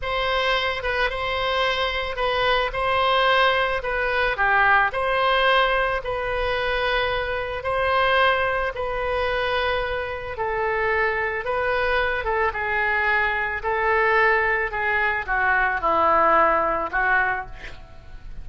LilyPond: \new Staff \with { instrumentName = "oboe" } { \time 4/4 \tempo 4 = 110 c''4. b'8 c''2 | b'4 c''2 b'4 | g'4 c''2 b'4~ | b'2 c''2 |
b'2. a'4~ | a'4 b'4. a'8 gis'4~ | gis'4 a'2 gis'4 | fis'4 e'2 fis'4 | }